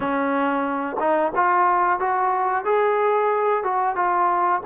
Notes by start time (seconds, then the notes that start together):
0.00 C#4
0.99 D#4
1.35 F4
1.99 F#4
2.65 G#4
3.63 F#4
3.95 F4